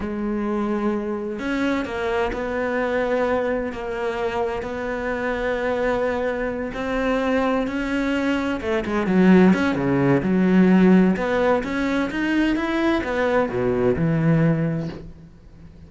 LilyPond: \new Staff \with { instrumentName = "cello" } { \time 4/4 \tempo 4 = 129 gis2. cis'4 | ais4 b2. | ais2 b2~ | b2~ b8 c'4.~ |
c'8 cis'2 a8 gis8 fis8~ | fis8 cis'8 cis4 fis2 | b4 cis'4 dis'4 e'4 | b4 b,4 e2 | }